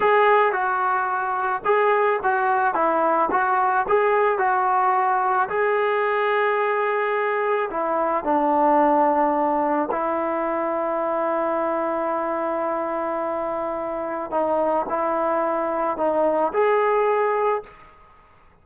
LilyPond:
\new Staff \with { instrumentName = "trombone" } { \time 4/4 \tempo 4 = 109 gis'4 fis'2 gis'4 | fis'4 e'4 fis'4 gis'4 | fis'2 gis'2~ | gis'2 e'4 d'4~ |
d'2 e'2~ | e'1~ | e'2 dis'4 e'4~ | e'4 dis'4 gis'2 | }